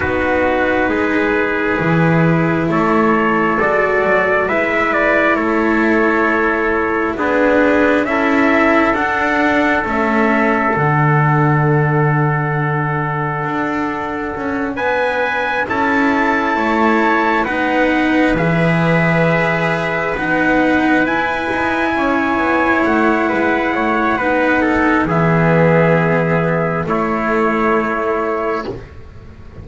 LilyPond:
<<
  \new Staff \with { instrumentName = "trumpet" } { \time 4/4 \tempo 4 = 67 b'2. cis''4 | d''4 e''8 d''8 cis''2 | b'4 e''4 fis''4 e''4 | fis''1~ |
fis''8 gis''4 a''2 fis''8~ | fis''8 e''2 fis''4 gis''8~ | gis''4. fis''2~ fis''8 | e''2 cis''2 | }
  \new Staff \with { instrumentName = "trumpet" } { \time 4/4 fis'4 gis'2 a'4~ | a'4 b'4 a'2 | gis'4 a'2.~ | a'1~ |
a'8 b'4 a'4 cis''4 b'8~ | b'1~ | b'8 cis''4. b'8 cis''8 b'8 a'8 | gis'2 e'2 | }
  \new Staff \with { instrumentName = "cello" } { \time 4/4 dis'2 e'2 | fis'4 e'2. | d'4 e'4 d'4 cis'4 | d'1~ |
d'4. e'2 dis'8~ | dis'8 gis'2 dis'4 e'8~ | e'2. dis'4 | b2 a2 | }
  \new Staff \with { instrumentName = "double bass" } { \time 4/4 b4 gis4 e4 a4 | gis8 fis8 gis4 a2 | b4 cis'4 d'4 a4 | d2. d'4 |
cis'8 b4 cis'4 a4 b8~ | b8 e2 b4 e'8 | dis'8 cis'8 b8 a8 gis8 a8 b4 | e2 a2 | }
>>